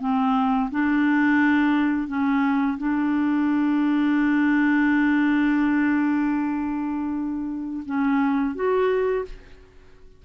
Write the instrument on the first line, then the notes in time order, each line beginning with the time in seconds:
clarinet
0.00 C4
0.70 D4
2.07 C#4
2.78 D4
7.86 C#4
8.55 F#4